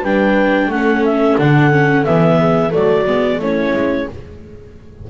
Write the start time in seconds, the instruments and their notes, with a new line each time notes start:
0.00 double bass G3, viola D4, horn B4, clarinet G5
0.67 double bass A3, viola C#4, horn A4, clarinet F#5
1.04 clarinet E5
1.38 double bass D3, viola D4, clarinet F#5
1.70 viola C#4
2.04 double bass E3, viola B3, clarinet E5
2.38 horn G#4
2.70 double bass F#3, viola A3, horn F#4, clarinet D5
3.06 double bass G#3, viola B3
3.38 double bass A3, viola C#4, horn E4, clarinet C#5
3.73 double bass G#3